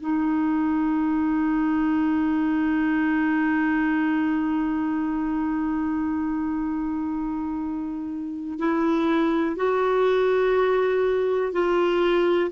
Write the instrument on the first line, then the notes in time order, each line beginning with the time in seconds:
clarinet
0.00 D#4
8.59 E4
9.56 F#4
11.52 F4